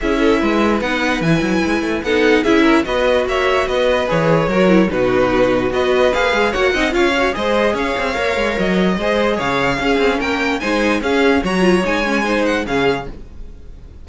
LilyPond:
<<
  \new Staff \with { instrumentName = "violin" } { \time 4/4 \tempo 4 = 147 e''2 fis''4 gis''4~ | gis''4 fis''4 e''4 dis''4 | e''4 dis''4 cis''2 | b'2 dis''4 f''4 |
fis''4 f''4 dis''4 f''4~ | f''4 dis''2 f''4~ | f''4 g''4 gis''4 f''4 | ais''4 gis''4. fis''8 f''4 | }
  \new Staff \with { instrumentName = "violin" } { \time 4/4 gis'8 a'8 b'2.~ | b'4 a'4 gis'8 ais'8 b'4 | cis''4 b'2 ais'4 | fis'2 b'2 |
cis''8 dis''8 cis''4 c''4 cis''4~ | cis''2 c''4 cis''4 | gis'4 ais'4 c''4 gis'4 | cis''2 c''4 gis'4 | }
  \new Staff \with { instrumentName = "viola" } { \time 4/4 e'2 dis'4 e'4~ | e'4 dis'4 e'4 fis'4~ | fis'2 gis'4 fis'8 e'8 | dis'2 fis'4 gis'4 |
fis'8 dis'8 f'8 fis'8 gis'2 | ais'2 gis'2 | cis'2 dis'4 cis'4 | fis'8 f'8 dis'8 cis'8 dis'4 cis'4 | }
  \new Staff \with { instrumentName = "cello" } { \time 4/4 cis'4 gis4 b4 e8 fis8 | gis8 a8 b4 cis'4 b4 | ais4 b4 e4 fis4 | b,2 b4 ais8 gis8 |
ais8 c'8 cis'4 gis4 cis'8 c'8 | ais8 gis8 fis4 gis4 cis4 | cis'8 c'8 ais4 gis4 cis'4 | fis4 gis2 cis4 | }
>>